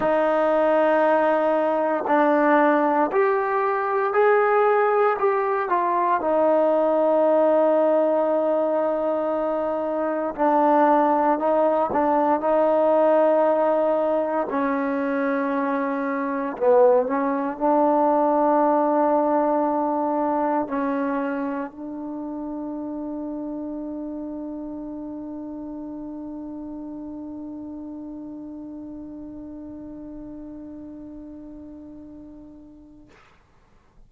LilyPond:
\new Staff \with { instrumentName = "trombone" } { \time 4/4 \tempo 4 = 58 dis'2 d'4 g'4 | gis'4 g'8 f'8 dis'2~ | dis'2 d'4 dis'8 d'8 | dis'2 cis'2 |
b8 cis'8 d'2. | cis'4 d'2.~ | d'1~ | d'1 | }